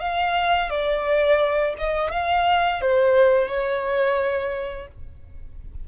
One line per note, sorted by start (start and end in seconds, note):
0.00 0.70 F5
0.70 1.74 D5
1.78 2.11 D#5
2.11 2.81 F5
2.81 3.48 C5
3.48 4.87 C#5